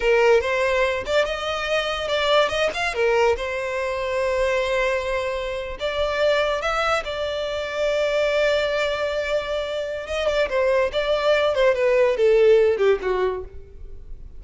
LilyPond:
\new Staff \with { instrumentName = "violin" } { \time 4/4 \tempo 4 = 143 ais'4 c''4. d''8 dis''4~ | dis''4 d''4 dis''8 f''8 ais'4 | c''1~ | c''4.~ c''16 d''2 e''16~ |
e''8. d''2.~ d''16~ | d''1 | dis''8 d''8 c''4 d''4. c''8 | b'4 a'4. g'8 fis'4 | }